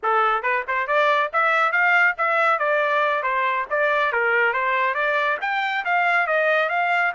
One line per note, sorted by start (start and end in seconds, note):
0.02 0.42 A4
0.42 0.64 B4
0.67 0.87 C5
0.87 1.30 D5
1.32 1.71 E5
1.71 2.15 F5
2.17 2.58 E5
2.58 3.23 D5
3.23 3.66 C5
3.70 4.12 D5
4.12 4.53 A#4
4.53 4.94 C5
4.94 5.37 D5
5.41 5.84 G5
5.84 6.26 F5
6.26 6.69 D#5
6.69 7.12 F5